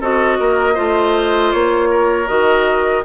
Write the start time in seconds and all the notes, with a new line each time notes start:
0.00 C4 F#4 A4 D#5
0.39 A#3 A#4
0.74 A3 F4 C5
1.52 A#3 C#5
1.90 A#4
2.27 D#3 F#4 D#5